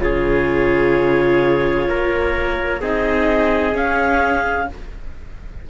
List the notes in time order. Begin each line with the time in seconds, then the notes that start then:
0.00 C#3 F4 G#4 C#5
1.89 A#3 A#4
2.81 C4 D#4 G#4 D#5
3.73 C#4 F5